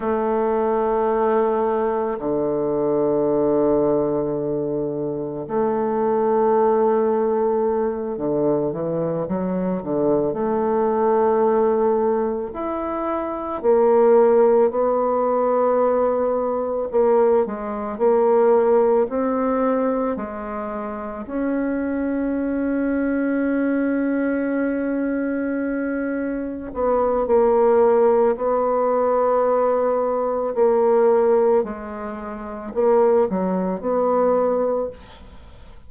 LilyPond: \new Staff \with { instrumentName = "bassoon" } { \time 4/4 \tempo 4 = 55 a2 d2~ | d4 a2~ a8 d8 | e8 fis8 d8 a2 e'8~ | e'8 ais4 b2 ais8 |
gis8 ais4 c'4 gis4 cis'8~ | cis'1~ | cis'8 b8 ais4 b2 | ais4 gis4 ais8 fis8 b4 | }